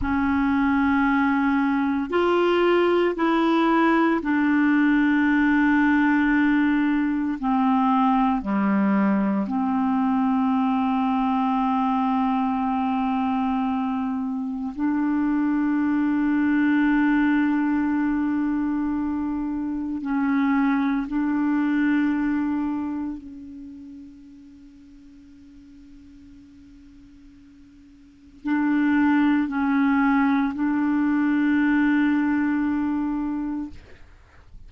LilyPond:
\new Staff \with { instrumentName = "clarinet" } { \time 4/4 \tempo 4 = 57 cis'2 f'4 e'4 | d'2. c'4 | g4 c'2.~ | c'2 d'2~ |
d'2. cis'4 | d'2 cis'2~ | cis'2. d'4 | cis'4 d'2. | }